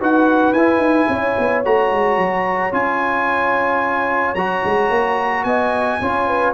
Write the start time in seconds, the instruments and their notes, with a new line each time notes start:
0.00 tuba D#4, trombone F#4, horn B4, trumpet F#5
0.53 tuba E4, trombone E4, trumpet G#5
0.78 tuba D#4
1.09 tuba C#4, horn C#5
1.39 tuba B3
1.65 tuba A3, trombone F#4, trumpet A#5
1.92 tuba G#3
2.18 tuba F#3
2.72 tuba C#4, trombone F4, trumpet G#5
4.35 tuba F#3, trombone F#4, trumpet A#5
4.65 tuba G#3
4.90 tuba A#3
5.44 tuba B3, horn D#5, trumpet G#5
6.01 tuba C#4, trombone F4, horn C#5
6.27 horn B4